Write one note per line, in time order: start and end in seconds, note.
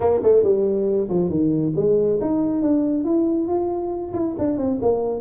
0.00 0.20 A#3
0.22 0.43 A3
0.43 1.08 G3
1.08 1.29 F3
1.29 1.73 D#3
1.76 2.19 G#3
2.20 2.61 D#4
2.61 3.04 D4
3.04 3.47 E4
3.47 4.12 F4
4.13 4.35 E4
4.38 4.57 D4
4.57 4.79 C4
4.81 5.21 A#3